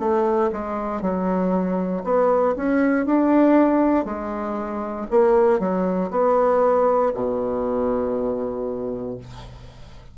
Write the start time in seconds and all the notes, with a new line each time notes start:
0.00 A3
0.53 G#3
1.02 F#3
2.04 B3
2.57 C#4
3.06 D4
4.05 G#3
5.11 A#3
5.60 F#3
6.11 B3
7.15 B2